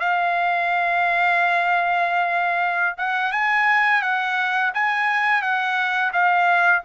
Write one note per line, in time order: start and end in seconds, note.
0.00 2.97 F5
2.98 3.32 F#5
3.32 4.02 G#5
4.02 4.72 F#5
4.74 5.42 G#5
5.42 6.12 F#5
6.13 6.83 F5